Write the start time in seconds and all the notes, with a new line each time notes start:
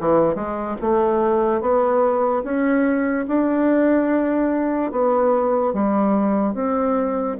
0.00 E3
0.35 G#3
0.81 A3
1.61 B3
2.44 C#4
3.28 D4
4.92 B3
5.74 G3
6.55 C4